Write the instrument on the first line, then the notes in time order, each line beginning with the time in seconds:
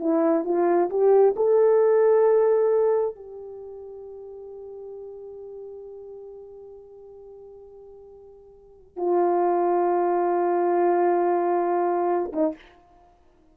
horn
0.00 E4
0.45 F4
0.90 G4
1.36 A4
3.16 G4
8.97 F4
12.33 D#4